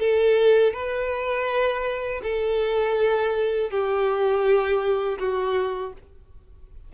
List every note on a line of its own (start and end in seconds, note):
0.00 0.73 A4
0.73 2.22 B4
2.23 3.70 A4
3.70 5.19 G4
5.19 5.93 F#4